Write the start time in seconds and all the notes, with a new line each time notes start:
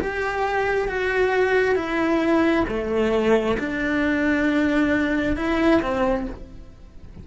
0.00 G4
0.88 F#4
1.75 E4
2.68 A3
3.59 D4
5.36 E4
5.81 C4